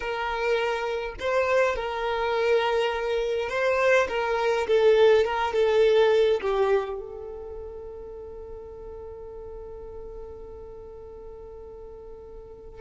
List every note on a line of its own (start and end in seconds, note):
0.00 1.15 A#4
1.19 1.75 C5
1.75 3.49 A#4
3.49 4.07 C5
4.08 4.66 A#4
4.67 5.24 A4
5.24 5.53 A#4
5.53 6.40 A4
6.41 6.99 G4
6.99 12.80 A4